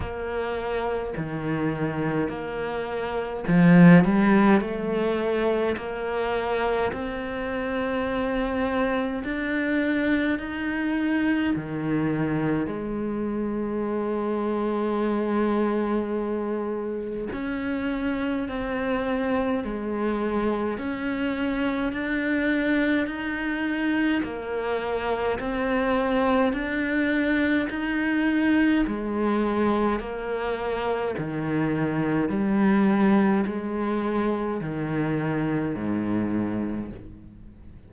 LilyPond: \new Staff \with { instrumentName = "cello" } { \time 4/4 \tempo 4 = 52 ais4 dis4 ais4 f8 g8 | a4 ais4 c'2 | d'4 dis'4 dis4 gis4~ | gis2. cis'4 |
c'4 gis4 cis'4 d'4 | dis'4 ais4 c'4 d'4 | dis'4 gis4 ais4 dis4 | g4 gis4 dis4 gis,4 | }